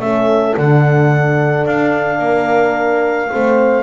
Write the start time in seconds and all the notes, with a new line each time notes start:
0.00 A3 C#4 A4 E5
0.56 D3 D4 F#5
1.66 D4 F5
2.19 A#3 A#4
3.31 A3 C4 C5